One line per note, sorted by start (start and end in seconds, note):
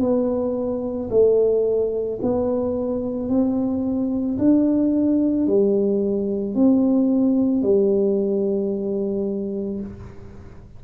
0.00 1.09 B3
1.10 2.19 A3
2.22 3.29 B3
3.29 4.38 C4
4.38 5.47 D4
5.47 6.55 G3
6.55 7.62 C4
7.62 9.80 G3